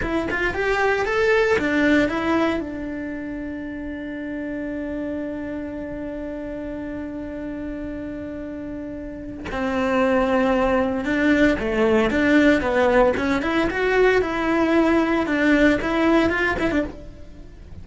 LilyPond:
\new Staff \with { instrumentName = "cello" } { \time 4/4 \tempo 4 = 114 e'8 f'8 g'4 a'4 d'4 | e'4 d'2.~ | d'1~ | d'1~ |
d'2 c'2~ | c'4 d'4 a4 d'4 | b4 cis'8 e'8 fis'4 e'4~ | e'4 d'4 e'4 f'8 e'16 d'16 | }